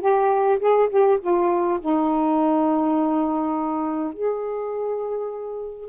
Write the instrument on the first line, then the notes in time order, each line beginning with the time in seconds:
saxophone
0.00 G4
0.59 G#4
0.89 G4
1.20 F4
1.80 D#4
4.13 G#4